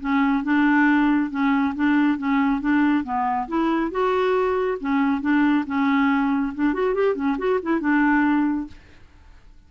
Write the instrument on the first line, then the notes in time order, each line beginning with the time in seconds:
clarinet
0.00 C#4
0.43 D4
1.30 C#4
1.75 D4
2.18 C#4
2.61 D4
3.04 B3
3.48 E4
3.91 F#4
4.80 C#4
5.21 D4
5.66 C#4
6.54 D4
6.74 F#4
6.94 G4
7.15 C#4
7.38 F#4
7.62 E4
7.80 D4